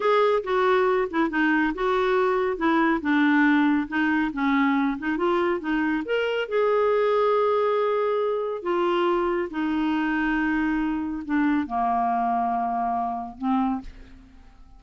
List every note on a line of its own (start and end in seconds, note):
0.00 0.42 G#4
0.43 1.08 F#4
1.10 1.29 E4
1.29 1.73 D#4
1.74 2.57 F#4
2.57 3.00 E4
3.01 3.87 D4
3.88 4.31 D#4
4.33 4.97 C#4
4.98 5.17 D#4
5.17 5.59 F4
5.59 6.03 D#4
6.05 6.48 A#4
6.48 8.62 G#4
8.62 9.48 F4
9.50 11.23 D#4
11.25 11.67 D4
11.67 13.37 A#3
13.37 13.81 C4